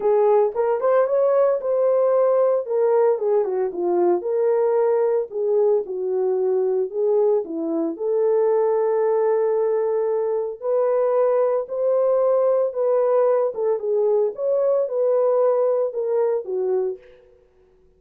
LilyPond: \new Staff \with { instrumentName = "horn" } { \time 4/4 \tempo 4 = 113 gis'4 ais'8 c''8 cis''4 c''4~ | c''4 ais'4 gis'8 fis'8 f'4 | ais'2 gis'4 fis'4~ | fis'4 gis'4 e'4 a'4~ |
a'1 | b'2 c''2 | b'4. a'8 gis'4 cis''4 | b'2 ais'4 fis'4 | }